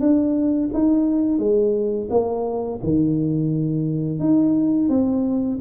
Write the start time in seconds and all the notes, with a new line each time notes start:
0.00 D4
0.73 D#4
1.39 G#3
2.10 A#3
2.84 D#3
4.20 D#4
4.89 C4